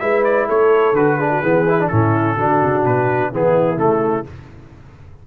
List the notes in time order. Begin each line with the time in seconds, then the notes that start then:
0.00 G#3 E4 B4 E5
0.24 D5
0.47 A3 A4 C#5
0.93 D3 F#4 B4
1.17 D4 G#4
1.31 F#4
1.42 E3 B3 G#4
1.69 E4
1.80 D4
1.88 A2 C#4 E4 A4
2.36 D3 D4 F#4
2.63 C#3
2.85 B2 B4
3.32 E3 B3 E4 G#4
3.77 C#3 A3 A4